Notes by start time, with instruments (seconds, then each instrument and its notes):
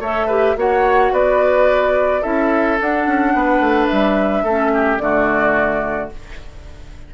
0.00 bassoon A3, clarinet A4, oboe C#5, flute E5
0.27 clarinet G4, oboe B4
0.56 bassoon A#3, clarinet F#4, oboe C#5, flute F#5
1.12 bassoon B3, oboe B4, flute D5
2.22 bassoon C#4, clarinet E4, oboe A4, flute E5
2.81 bassoon D4, clarinet D4, flute F#5
3.07 bassoon C#4
3.34 bassoon B3, oboe B4
3.60 bassoon A3
3.88 bassoon G3, flute E5
4.44 bassoon A3, clarinet C#4, oboe A4
4.74 oboe G4
4.98 bassoon D3, clarinet A3, oboe F#4, flute D5